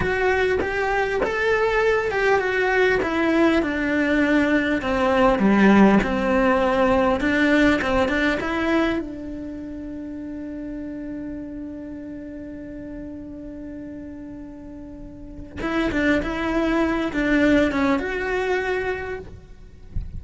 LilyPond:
\new Staff \with { instrumentName = "cello" } { \time 4/4 \tempo 4 = 100 fis'4 g'4 a'4. g'8 | fis'4 e'4 d'2 | c'4 g4 c'2 | d'4 c'8 d'8 e'4 d'4~ |
d'1~ | d'1~ | d'2 e'8 d'8 e'4~ | e'8 d'4 cis'8 fis'2 | }